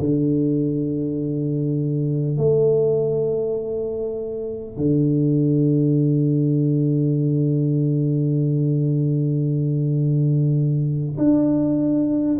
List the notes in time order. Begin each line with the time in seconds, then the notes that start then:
0.00 D3
2.38 A3
4.77 D3
11.18 D4